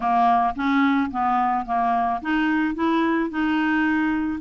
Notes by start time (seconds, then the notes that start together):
0.00 A#3
0.55 C#4
1.10 B3
1.65 A#3
2.21 D#4
2.74 E4
3.30 D#4